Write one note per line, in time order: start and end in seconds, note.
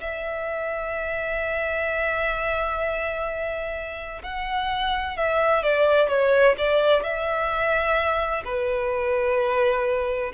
0.00 4.22 E5
4.23 5.17 F#5
5.17 5.62 E5
5.62 6.09 D5
6.09 6.55 C#5
6.58 7.03 D5
7.03 8.43 E5
8.45 10.32 B4